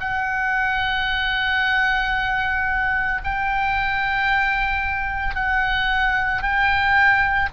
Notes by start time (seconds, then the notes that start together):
0.00 F#5
3.24 G5
5.35 F#5
6.42 G5